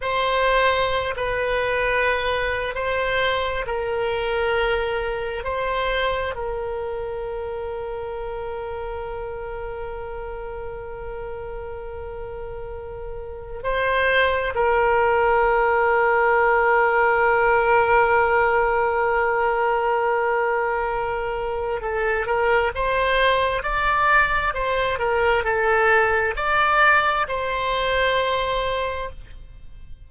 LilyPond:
\new Staff \with { instrumentName = "oboe" } { \time 4/4 \tempo 4 = 66 c''4~ c''16 b'4.~ b'16 c''4 | ais'2 c''4 ais'4~ | ais'1~ | ais'2. c''4 |
ais'1~ | ais'1 | a'8 ais'8 c''4 d''4 c''8 ais'8 | a'4 d''4 c''2 | }